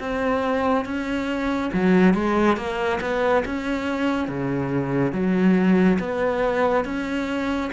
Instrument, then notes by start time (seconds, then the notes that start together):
cello
0.00 C4
0.86 C#4
1.74 F#3
2.14 G#3
2.57 A#3
3.02 B3
3.46 C#4
4.29 C#3
5.13 F#3
6.00 B3
6.85 C#4